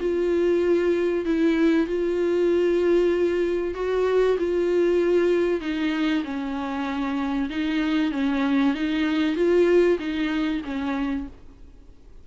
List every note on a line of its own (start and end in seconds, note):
0.00 1.25 F4
1.25 1.87 E4
1.87 3.74 F4
3.74 4.37 F#4
4.39 5.61 F4
5.61 6.23 D#4
6.24 7.49 C#4
7.50 8.12 D#4
8.12 8.74 C#4
8.74 9.36 D#4
9.36 9.98 F4
9.99 10.62 D#4
10.64 11.27 C#4